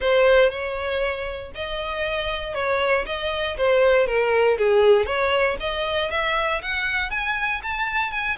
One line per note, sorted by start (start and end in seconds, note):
0.00 0.50 C5
0.50 1.51 C#5
1.54 2.54 D#5
2.54 3.05 C#5
3.06 3.56 D#5
3.57 4.07 C5
4.07 4.57 A#4
4.58 5.05 G#4
5.05 5.56 C#5
5.60 6.10 D#5
6.10 6.61 E5
6.61 7.10 F#5
7.10 7.61 G#5
7.62 8.11 A5
8.11 8.37 G#5